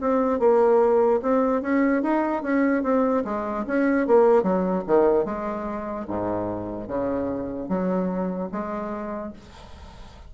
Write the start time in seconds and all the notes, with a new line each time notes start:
0.00 C4
0.39 A#3
1.22 C4
1.61 C#4
2.02 D#4
2.42 C#4
2.83 C4
3.24 G#3
3.67 C#4
4.07 A#3
4.43 F#3
4.86 D#3
5.25 G#3
6.07 G#2
6.88 C#3
7.68 F#3
8.51 G#3